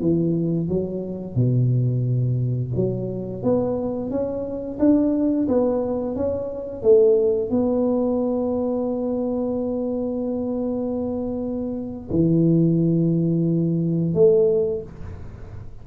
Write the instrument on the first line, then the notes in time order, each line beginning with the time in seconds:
tuba
0.00 E3
0.68 F#3
1.35 B2
2.75 F#3
3.42 B3
4.10 C#4
4.79 D4
5.48 B3
6.15 C#4
6.82 A3
7.49 B3
12.10 E3
14.14 A3